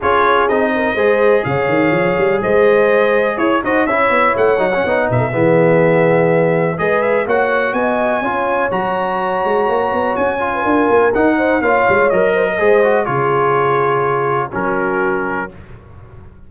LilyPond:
<<
  \new Staff \with { instrumentName = "trumpet" } { \time 4/4 \tempo 4 = 124 cis''4 dis''2 f''4~ | f''4 dis''2 cis''8 dis''8 | e''4 fis''4. e''4.~ | e''2 dis''8 e''8 fis''4 |
gis''2 ais''2~ | ais''4 gis''2 fis''4 | f''4 dis''2 cis''4~ | cis''2 ais'2 | }
  \new Staff \with { instrumentName = "horn" } { \time 4/4 gis'4. ais'8 c''4 cis''4~ | cis''4 c''2 cis''8 c''8 | cis''2~ cis''8 b'16 a'16 gis'4~ | gis'2 b'4 cis''4 |
dis''4 cis''2.~ | cis''4.~ cis''16 b'16 ais'4. c''8 | cis''4. c''16 ais'16 c''4 gis'4~ | gis'2 fis'2 | }
  \new Staff \with { instrumentName = "trombone" } { \time 4/4 f'4 dis'4 gis'2~ | gis'2.~ gis'8 fis'8 | e'4. dis'16 cis'16 dis'4 b4~ | b2 gis'4 fis'4~ |
fis'4 f'4 fis'2~ | fis'4. f'4. dis'4 | f'4 ais'4 gis'8 fis'8 f'4~ | f'2 cis'2 | }
  \new Staff \with { instrumentName = "tuba" } { \time 4/4 cis'4 c'4 gis4 cis8 dis8 | f8 g8 gis2 e'8 dis'8 | cis'8 b8 a8 fis8 b8 b,8 e4~ | e2 gis4 ais4 |
b4 cis'4 fis4. gis8 | ais8 b8 cis'4 d'8 ais8 dis'4 | ais8 gis8 fis4 gis4 cis4~ | cis2 fis2 | }
>>